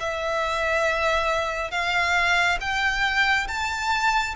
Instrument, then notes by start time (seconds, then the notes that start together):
violin
0.00 E5
1.72 F5
2.61 G5
3.48 A5